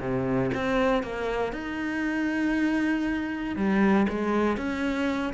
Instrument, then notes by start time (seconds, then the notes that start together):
cello
0.00 C3
0.54 C4
1.03 A#3
1.53 D#4
3.56 G3
4.09 G#3
4.57 C#4